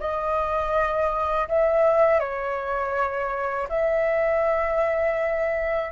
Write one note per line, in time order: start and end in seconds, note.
0.00 1.48 D#5
1.48 2.20 E5
2.20 3.68 C#5
3.69 5.92 E5